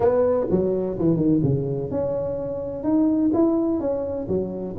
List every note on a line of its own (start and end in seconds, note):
0.00 0.47 B3
0.50 0.98 F#3
0.98 1.16 E3
1.16 1.40 D#3
1.43 1.90 C#3
1.90 2.83 C#4
2.83 3.31 D#4
3.33 3.80 E4
3.80 4.27 C#4
4.28 4.75 F#3